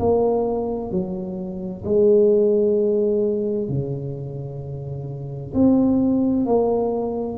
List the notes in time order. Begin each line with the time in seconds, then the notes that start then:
0.00 A#3
0.91 F#3
1.85 G#3
3.69 C#3
5.54 C4
6.47 A#3